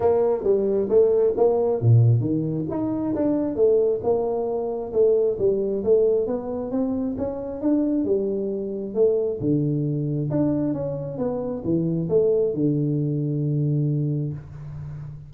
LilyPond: \new Staff \with { instrumentName = "tuba" } { \time 4/4 \tempo 4 = 134 ais4 g4 a4 ais4 | ais,4 dis4 dis'4 d'4 | a4 ais2 a4 | g4 a4 b4 c'4 |
cis'4 d'4 g2 | a4 d2 d'4 | cis'4 b4 e4 a4 | d1 | }